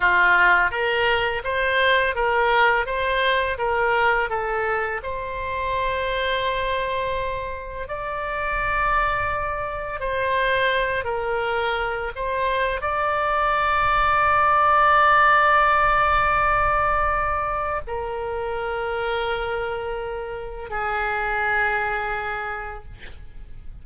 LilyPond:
\new Staff \with { instrumentName = "oboe" } { \time 4/4 \tempo 4 = 84 f'4 ais'4 c''4 ais'4 | c''4 ais'4 a'4 c''4~ | c''2. d''4~ | d''2 c''4. ais'8~ |
ais'4 c''4 d''2~ | d''1~ | d''4 ais'2.~ | ais'4 gis'2. | }